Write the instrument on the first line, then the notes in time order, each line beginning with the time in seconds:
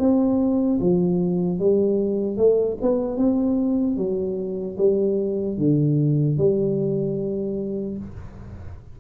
tuba
0.00 C4
0.81 F3
1.60 G3
2.37 A3
2.82 B3
3.17 C4
3.97 F#3
4.78 G3
5.58 D3
6.38 G3